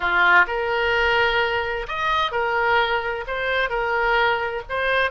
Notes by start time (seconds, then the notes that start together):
0.00 F4
0.47 A#4
1.87 D#5
2.31 A#4
3.27 C5
3.69 A#4
4.68 C5